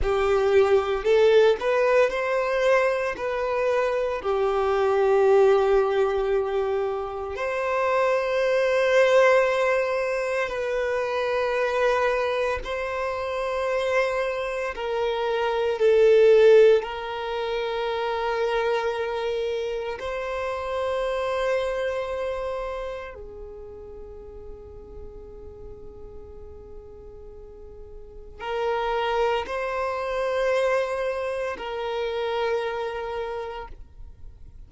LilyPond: \new Staff \with { instrumentName = "violin" } { \time 4/4 \tempo 4 = 57 g'4 a'8 b'8 c''4 b'4 | g'2. c''4~ | c''2 b'2 | c''2 ais'4 a'4 |
ais'2. c''4~ | c''2 gis'2~ | gis'2. ais'4 | c''2 ais'2 | }